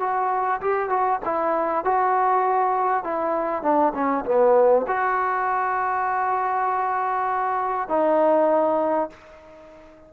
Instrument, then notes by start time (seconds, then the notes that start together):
trombone
0.00 F#4
0.61 G4
0.90 F#4
1.25 E4
1.85 F#4
3.04 E4
3.63 D4
3.94 C#4
4.26 B3
4.88 F#4
7.89 D#4